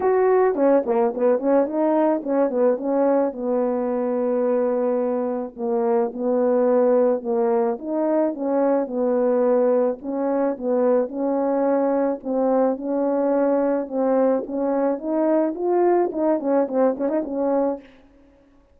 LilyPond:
\new Staff \with { instrumentName = "horn" } { \time 4/4 \tempo 4 = 108 fis'4 cis'8 ais8 b8 cis'8 dis'4 | cis'8 b8 cis'4 b2~ | b2 ais4 b4~ | b4 ais4 dis'4 cis'4 |
b2 cis'4 b4 | cis'2 c'4 cis'4~ | cis'4 c'4 cis'4 dis'4 | f'4 dis'8 cis'8 c'8 cis'16 dis'16 cis'4 | }